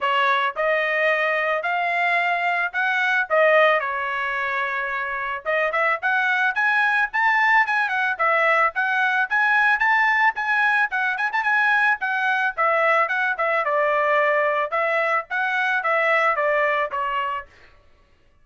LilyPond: \new Staff \with { instrumentName = "trumpet" } { \time 4/4 \tempo 4 = 110 cis''4 dis''2 f''4~ | f''4 fis''4 dis''4 cis''4~ | cis''2 dis''8 e''8 fis''4 | gis''4 a''4 gis''8 fis''8 e''4 |
fis''4 gis''4 a''4 gis''4 | fis''8 gis''16 a''16 gis''4 fis''4 e''4 | fis''8 e''8 d''2 e''4 | fis''4 e''4 d''4 cis''4 | }